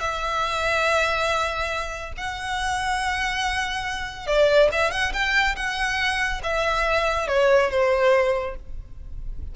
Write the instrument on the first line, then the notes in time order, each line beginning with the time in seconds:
violin
0.00 E5
2.17 F#5
4.26 D5
4.72 E5
4.91 F#5
5.13 G5
5.56 F#5
6.43 E5
7.27 C#5
7.70 C5